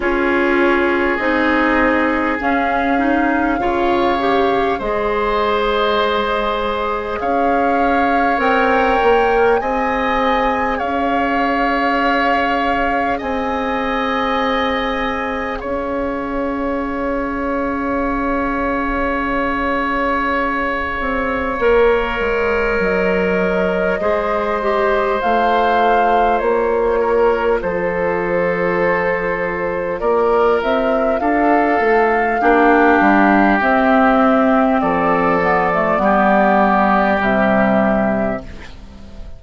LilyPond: <<
  \new Staff \with { instrumentName = "flute" } { \time 4/4 \tempo 4 = 50 cis''4 dis''4 f''2 | dis''2 f''4 g''4 | gis''4 f''2 gis''4~ | gis''4 f''2.~ |
f''2. dis''4~ | dis''4 f''4 cis''4 c''4~ | c''4 d''8 e''8 f''2 | e''4 d''2 e''4 | }
  \new Staff \with { instrumentName = "oboe" } { \time 4/4 gis'2. cis''4 | c''2 cis''2 | dis''4 cis''2 dis''4~ | dis''4 cis''2.~ |
cis''1 | c''2~ c''8 ais'8 a'4~ | a'4 ais'4 a'4 g'4~ | g'4 a'4 g'2 | }
  \new Staff \with { instrumentName = "clarinet" } { \time 4/4 f'4 dis'4 cis'8 dis'8 f'8 g'8 | gis'2. ais'4 | gis'1~ | gis'1~ |
gis'2 ais'2 | gis'8 g'8 f'2.~ | f'2. d'4 | c'4. b16 a16 b4 g4 | }
  \new Staff \with { instrumentName = "bassoon" } { \time 4/4 cis'4 c'4 cis'4 cis4 | gis2 cis'4 c'8 ais8 | c'4 cis'2 c'4~ | c'4 cis'2.~ |
cis'4. c'8 ais8 gis8 fis4 | gis4 a4 ais4 f4~ | f4 ais8 c'8 d'8 a8 ais8 g8 | c'4 f4 g4 c4 | }
>>